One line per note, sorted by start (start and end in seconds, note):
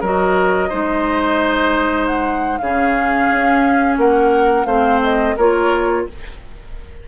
0.00 0.70 F#3
0.00 0.70 F#4
0.00 0.69 A#4
0.00 2.06 D#5
0.69 2.60 G#3
0.69 2.59 D#4
0.69 2.58 C5
2.06 2.57 F#5
2.57 3.29 C#3
2.57 4.68 C#4
2.57 3.99 G#4
2.57 3.95 F5
3.30 3.97 C#4
3.97 4.65 A#3
3.97 4.66 A#4
3.97 4.65 F#5
4.65 5.34 A3
4.65 5.36 C4
4.65 5.35 C5
4.65 5.00 F5
5.03 5.37 D#5
5.36 6.07 A#3
5.36 6.08 F4
5.36 6.05 A#4
5.36 6.07 C#5